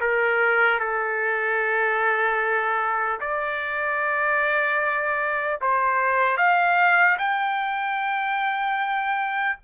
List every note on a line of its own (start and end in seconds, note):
0.00 0.79 A#4
0.79 3.19 A4
3.20 5.60 D5
5.61 6.37 C5
6.37 7.17 F5
7.18 9.58 G5